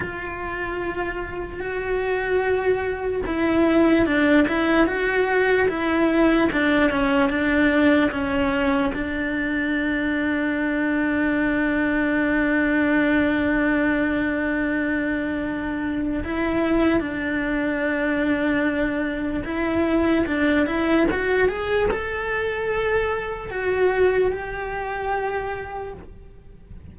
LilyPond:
\new Staff \with { instrumentName = "cello" } { \time 4/4 \tempo 4 = 74 f'2 fis'2 | e'4 d'8 e'8 fis'4 e'4 | d'8 cis'8 d'4 cis'4 d'4~ | d'1~ |
d'1 | e'4 d'2. | e'4 d'8 e'8 fis'8 gis'8 a'4~ | a'4 fis'4 g'2 | }